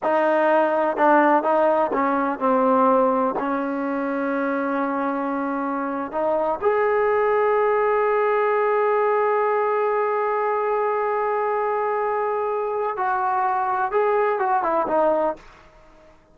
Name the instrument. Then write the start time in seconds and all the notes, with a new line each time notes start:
trombone
0.03 D#4
0.96 D4
1.43 D#4
1.92 C#4
2.39 C4
3.39 C#4
6.11 D#4
6.61 G#4
12.96 F#4
13.91 G#4
14.38 F#4
14.63 E4
14.87 D#4